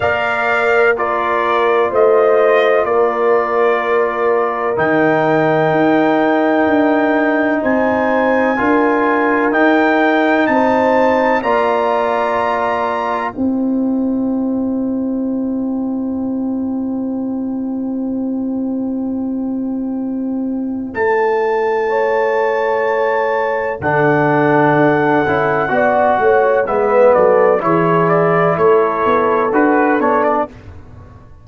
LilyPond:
<<
  \new Staff \with { instrumentName = "trumpet" } { \time 4/4 \tempo 4 = 63 f''4 d''4 dis''4 d''4~ | d''4 g''2. | gis''2 g''4 a''4 | ais''2 g''2~ |
g''1~ | g''2 a''2~ | a''4 fis''2. | e''8 d''8 cis''8 d''8 cis''4 b'8 cis''16 d''16 | }
  \new Staff \with { instrumentName = "horn" } { \time 4/4 d''4 ais'4 c''4 ais'4~ | ais'1 | c''4 ais'2 c''4 | d''2 c''2~ |
c''1~ | c''2. cis''4~ | cis''4 a'2 d''8 cis''8 | b'8 a'8 gis'4 a'2 | }
  \new Staff \with { instrumentName = "trombone" } { \time 4/4 ais'4 f'2.~ | f'4 dis'2.~ | dis'4 f'4 dis'2 | f'2 e'2~ |
e'1~ | e'1~ | e'4 d'4. e'8 fis'4 | b4 e'2 fis'8 d'8 | }
  \new Staff \with { instrumentName = "tuba" } { \time 4/4 ais2 a4 ais4~ | ais4 dis4 dis'4 d'4 | c'4 d'4 dis'4 c'4 | ais2 c'2~ |
c'1~ | c'2 a2~ | a4 d4 d'8 cis'8 b8 a8 | gis8 fis8 e4 a8 b8 d'8 b8 | }
>>